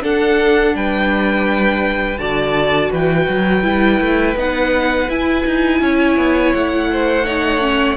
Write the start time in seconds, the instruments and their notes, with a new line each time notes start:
0.00 viola D4, cello D4, violin A4 F#5
0.75 cello G3, violin B4 G5
2.18 cello D3, viola F#4, violin D5 A5
2.91 cello E3, violin B4 G5
3.29 cello F#3
3.63 cello G3, viola E4
4.01 cello A3
4.36 cello B3, viola D#4, violin F#5
5.09 cello E4, viola E4, violin G#5
5.46 cello D#4
5.81 cello C#4, violin C#5
6.17 cello B3
6.53 cello A3, violin F#5
6.92 violin C5
7.25 viola D#4, violin C#5
7.61 viola C#4